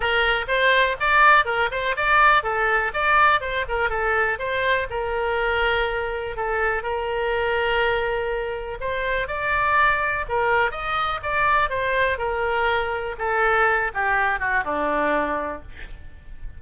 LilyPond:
\new Staff \with { instrumentName = "oboe" } { \time 4/4 \tempo 4 = 123 ais'4 c''4 d''4 ais'8 c''8 | d''4 a'4 d''4 c''8 ais'8 | a'4 c''4 ais'2~ | ais'4 a'4 ais'2~ |
ais'2 c''4 d''4~ | d''4 ais'4 dis''4 d''4 | c''4 ais'2 a'4~ | a'8 g'4 fis'8 d'2 | }